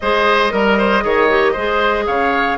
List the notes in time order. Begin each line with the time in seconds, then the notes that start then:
0.00 G#3 G#4 C5 D#5
0.49 G3 A#4
0.77 C5
1.01 D#3 G#4 C#5
1.29 G4
1.52 G#3 G#4 C5
2.06 C#3 C#5 F5